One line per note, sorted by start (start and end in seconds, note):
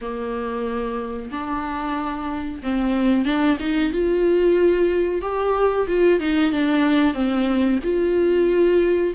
0.01 1.31 A#3
1.31 2.62 D4
2.62 3.25 C4
3.25 3.57 D4
3.59 3.92 D#4
3.92 5.21 F4
5.21 5.86 G4
5.87 6.20 F4
6.20 6.52 D#4
6.52 7.14 D4
7.14 7.79 C4
7.83 9.13 F4